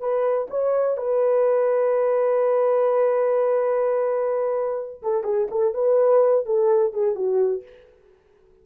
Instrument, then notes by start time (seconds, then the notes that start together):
horn
0.00 B4
0.50 C#5
0.97 B4
5.02 A4
5.24 G#4
5.51 A4
5.74 B4
6.45 A4
6.93 G#4
7.15 F#4